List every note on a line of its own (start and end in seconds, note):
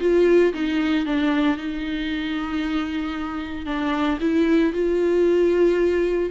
0.00 0.53 F4
0.53 1.06 D#4
1.06 1.57 D4
1.57 3.66 D#4
3.66 4.18 D4
4.21 4.73 E4
4.73 6.30 F4